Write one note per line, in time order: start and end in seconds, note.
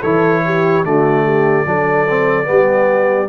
0.00 0.85 E3
0.00 0.84 E4
0.00 0.41 A4
0.00 0.84 C#5
0.45 0.86 G4
0.84 1.66 D3
0.84 1.66 A3
0.84 1.24 F#4
0.84 3.29 D5
1.24 1.66 G4
1.66 2.48 F#3
1.66 2.07 D4
1.66 2.48 A4
2.08 2.44 C4
2.44 3.29 G3
2.44 3.26 B3
2.44 3.29 G4